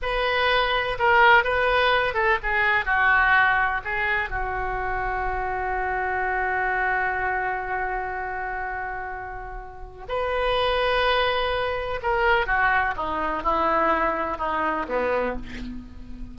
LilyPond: \new Staff \with { instrumentName = "oboe" } { \time 4/4 \tempo 4 = 125 b'2 ais'4 b'4~ | b'8 a'8 gis'4 fis'2 | gis'4 fis'2.~ | fis'1~ |
fis'1~ | fis'4 b'2.~ | b'4 ais'4 fis'4 dis'4 | e'2 dis'4 b4 | }